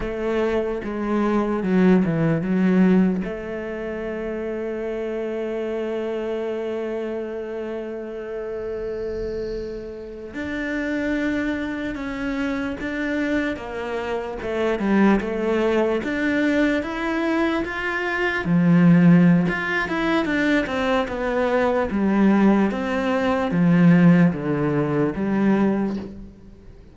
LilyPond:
\new Staff \with { instrumentName = "cello" } { \time 4/4 \tempo 4 = 74 a4 gis4 fis8 e8 fis4 | a1~ | a1~ | a8. d'2 cis'4 d'16~ |
d'8. ais4 a8 g8 a4 d'16~ | d'8. e'4 f'4 f4~ f16 | f'8 e'8 d'8 c'8 b4 g4 | c'4 f4 d4 g4 | }